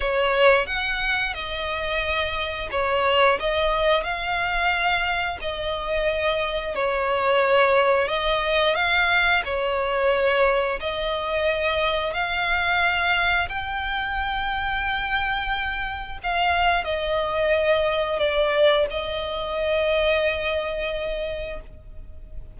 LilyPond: \new Staff \with { instrumentName = "violin" } { \time 4/4 \tempo 4 = 89 cis''4 fis''4 dis''2 | cis''4 dis''4 f''2 | dis''2 cis''2 | dis''4 f''4 cis''2 |
dis''2 f''2 | g''1 | f''4 dis''2 d''4 | dis''1 | }